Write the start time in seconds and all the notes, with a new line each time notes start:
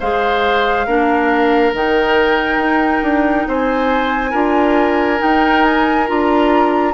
0.00 G#3 G#4 C5 F5
0.87 A#3 D4 A#4
1.73 D#3 D#4 G5
2.58 D#4
3.03 D4
3.47 C4 C5 G#5
4.31 D4 F4 A#4
5.18 D#4 G5
5.64 G#5
6.07 D4 F4 A#5